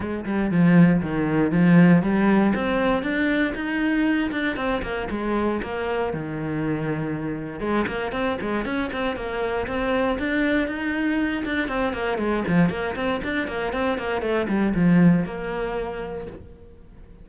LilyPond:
\new Staff \with { instrumentName = "cello" } { \time 4/4 \tempo 4 = 118 gis8 g8 f4 dis4 f4 | g4 c'4 d'4 dis'4~ | dis'8 d'8 c'8 ais8 gis4 ais4 | dis2. gis8 ais8 |
c'8 gis8 cis'8 c'8 ais4 c'4 | d'4 dis'4. d'8 c'8 ais8 | gis8 f8 ais8 c'8 d'8 ais8 c'8 ais8 | a8 g8 f4 ais2 | }